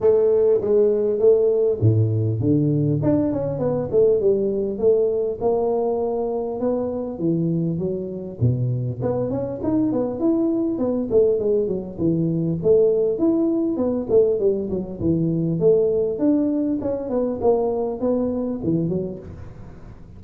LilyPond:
\new Staff \with { instrumentName = "tuba" } { \time 4/4 \tempo 4 = 100 a4 gis4 a4 a,4 | d4 d'8 cis'8 b8 a8 g4 | a4 ais2 b4 | e4 fis4 b,4 b8 cis'8 |
dis'8 b8 e'4 b8 a8 gis8 fis8 | e4 a4 e'4 b8 a8 | g8 fis8 e4 a4 d'4 | cis'8 b8 ais4 b4 e8 fis8 | }